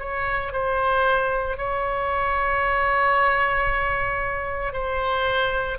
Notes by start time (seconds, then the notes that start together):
0.00 C#5
0.53 C5
1.57 C#5
4.73 C5